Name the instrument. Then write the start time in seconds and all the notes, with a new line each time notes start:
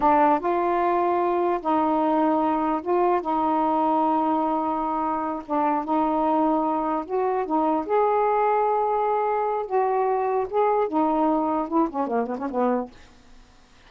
saxophone
0.00 D4
0.39 F4
1.61 D#4
2.82 F4
3.21 D#4
5.45 D4
5.84 D#4
7.05 F#4
7.45 D#4
7.85 G#4
9.66 F#4
10.50 G#4
10.88 D#4
11.68 E4
11.89 C#4
12.07 A#3
12.26 B3
12.38 C#4
12.50 B3